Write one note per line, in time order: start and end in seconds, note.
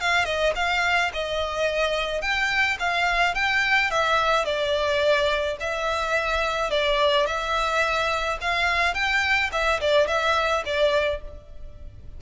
0.00 0.25 F5
0.25 0.53 D#5
0.55 1.11 F5
1.13 2.21 D#5
2.21 2.77 G5
2.79 3.34 F5
3.34 3.90 G5
3.91 4.45 E5
4.45 5.57 D5
5.60 6.71 E5
6.71 7.26 D5
7.26 8.38 E5
8.41 8.94 F5
8.94 9.50 G5
9.52 9.80 E5
9.80 10.07 D5
10.07 10.63 E5
10.65 11.21 D5